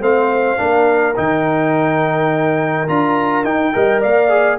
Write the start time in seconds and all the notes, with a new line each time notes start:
0.00 A3 C4 C5 F5
0.57 A#3 D4 A#4
1.16 D#3 D#4 G5
2.87 D4 F4 A#5
3.44 D#4 G5
3.73 G3 A#4 D#5
4.01 A#3 D5 F5
4.29 G#4